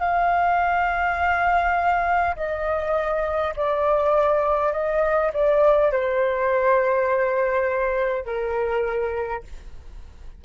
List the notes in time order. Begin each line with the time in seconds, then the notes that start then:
0.00 F5
2.36 D#5
3.56 D5
4.73 D#5
5.34 D5
5.92 C5
8.26 A#4